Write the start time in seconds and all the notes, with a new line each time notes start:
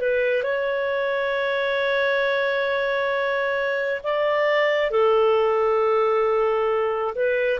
0.00 B4
0.43 C#5
4.03 D5
4.91 A4
7.15 B4